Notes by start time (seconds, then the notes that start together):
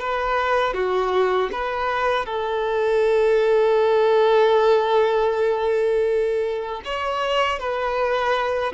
0.00 B4
0.74 F#4
1.52 B4
2.26 A4
6.85 C#5
7.59 B4